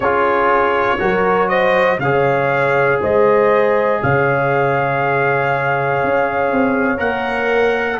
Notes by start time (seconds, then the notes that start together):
0.00 C#4 F4 G#4 C#5
0.98 F#3 F#4 A#4
1.48 C5 D#5
1.99 C#3 G#4 C#5 F5
3.01 G#3 C5 D#5
4.02 C#3 C#5 F5
6.03 C#4
6.51 C4
6.97 A#3 A#4 F#5